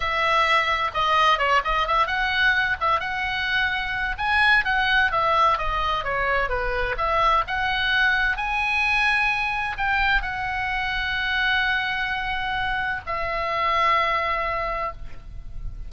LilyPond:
\new Staff \with { instrumentName = "oboe" } { \time 4/4 \tempo 4 = 129 e''2 dis''4 cis''8 dis''8 | e''8 fis''4. e''8 fis''4.~ | fis''4 gis''4 fis''4 e''4 | dis''4 cis''4 b'4 e''4 |
fis''2 gis''2~ | gis''4 g''4 fis''2~ | fis''1 | e''1 | }